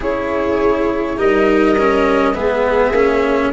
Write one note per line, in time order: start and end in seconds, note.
0.00 1.17 C#4
0.00 1.17 E4
0.00 1.17 G#4
0.00 1.18 C#5
1.17 2.34 G3
1.17 1.75 D#4
1.17 2.34 A#4
1.17 2.34 D#5
1.77 2.34 C#4
2.34 2.91 G#3
2.34 2.93 B3
2.34 3.52 G#4
2.34 3.52 E5
2.91 3.50 A#3
2.91 3.53 C#4